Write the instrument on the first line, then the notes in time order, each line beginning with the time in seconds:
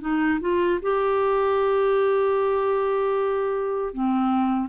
clarinet
0.00 D#4
0.40 F4
0.82 G4
3.93 C4